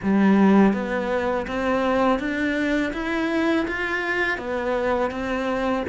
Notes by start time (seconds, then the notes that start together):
0.02 G3
0.73 B3
1.47 C4
2.19 D4
2.93 E4
3.67 F4
4.37 B3
5.10 C4